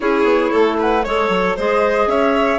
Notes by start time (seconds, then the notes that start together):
0.00 C#4 E4 G#4 C#5
0.23 B3
0.50 A3 A4
0.79 B4 F#5
1.02 G#3 A4 C#5
1.28 F#3
1.56 G#3 G#4 C5 D#5
2.06 C#4 C#5 E5